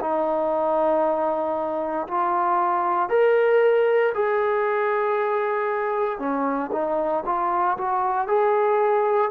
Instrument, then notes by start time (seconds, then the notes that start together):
trombone
0.00 D#4
2.07 F4
3.09 A#4
4.14 G#4
6.18 C#4
6.72 D#4
7.25 F4
7.78 F#4
8.28 G#4